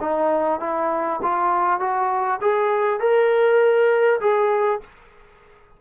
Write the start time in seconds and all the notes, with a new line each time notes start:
0.00 D#4
0.60 E4
1.22 F4
1.80 F#4
2.41 G#4
3.00 A#4
4.20 G#4